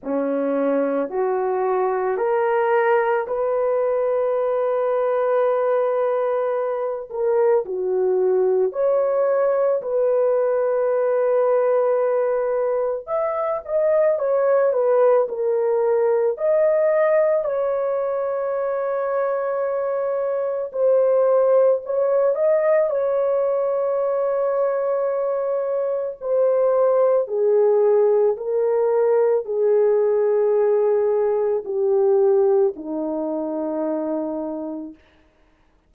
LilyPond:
\new Staff \with { instrumentName = "horn" } { \time 4/4 \tempo 4 = 55 cis'4 fis'4 ais'4 b'4~ | b'2~ b'8 ais'8 fis'4 | cis''4 b'2. | e''8 dis''8 cis''8 b'8 ais'4 dis''4 |
cis''2. c''4 | cis''8 dis''8 cis''2. | c''4 gis'4 ais'4 gis'4~ | gis'4 g'4 dis'2 | }